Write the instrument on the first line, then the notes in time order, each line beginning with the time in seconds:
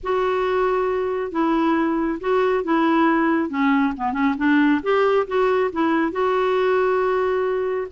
clarinet
0.03 F#4
1.31 E4
2.20 F#4
2.64 E4
3.49 C#4
3.96 B3
4.12 C#4
4.37 D4
4.83 G4
5.27 F#4
5.72 E4
6.12 F#4